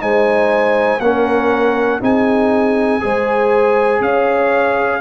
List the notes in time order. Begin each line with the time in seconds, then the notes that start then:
0.00 G#3 D#4 C5 G#5
1.00 A#3 C#4 A#4 F#5
2.01 C4 D#4 G#4 G#5
3.01 G#3 G#4 C5
4.01 C#4 C#5 F5